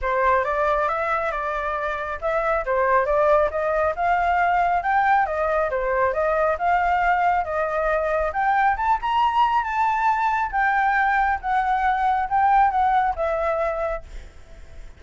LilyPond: \new Staff \with { instrumentName = "flute" } { \time 4/4 \tempo 4 = 137 c''4 d''4 e''4 d''4~ | d''4 e''4 c''4 d''4 | dis''4 f''2 g''4 | dis''4 c''4 dis''4 f''4~ |
f''4 dis''2 g''4 | a''8 ais''4. a''2 | g''2 fis''2 | g''4 fis''4 e''2 | }